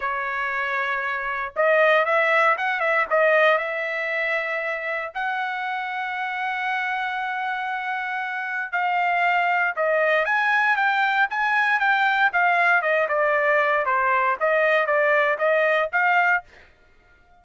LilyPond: \new Staff \with { instrumentName = "trumpet" } { \time 4/4 \tempo 4 = 117 cis''2. dis''4 | e''4 fis''8 e''8 dis''4 e''4~ | e''2 fis''2~ | fis''1~ |
fis''4 f''2 dis''4 | gis''4 g''4 gis''4 g''4 | f''4 dis''8 d''4. c''4 | dis''4 d''4 dis''4 f''4 | }